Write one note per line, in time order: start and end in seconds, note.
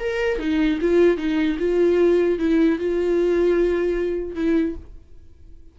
0.00 0.39 A#4
0.39 0.79 D#4
0.81 1.17 F4
1.17 1.57 D#4
1.59 2.39 F4
2.39 2.79 E4
2.79 4.36 F4
4.36 4.76 E4